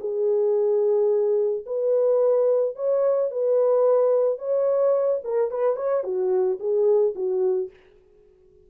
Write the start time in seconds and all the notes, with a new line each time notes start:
0.00 G#4
1.66 B4
2.76 C#5
3.31 B4
4.38 C#5
5.24 A#4
5.51 B4
5.76 C#5
6.04 F#4
6.60 G#4
7.15 F#4